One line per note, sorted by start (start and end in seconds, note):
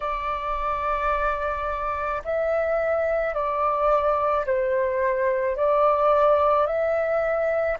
0.00 2.22 D5
2.24 3.34 E5
3.34 4.45 D5
4.45 5.56 C5
5.56 6.66 D5
6.66 7.77 E5